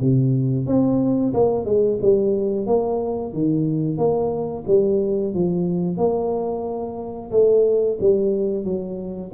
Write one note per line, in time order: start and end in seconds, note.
0.00 0.66 C3
0.66 1.33 C4
1.34 1.65 A#3
1.65 1.98 G#3
2.02 2.66 G3
2.66 3.33 A#3
3.33 3.98 D#3
3.98 4.64 A#3
4.67 5.34 G3
5.34 5.97 F3
5.97 7.31 A#3
7.31 7.98 A3
8.00 8.65 G3
8.65 9.31 F#3